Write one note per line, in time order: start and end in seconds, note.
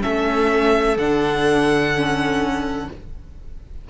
0.00 0.96 A3
0.00 0.95 C#4
0.00 2.87 A4
0.00 0.97 E5
0.96 2.87 D3
0.96 1.94 D4
0.96 2.89 F#5
1.94 2.89 C#4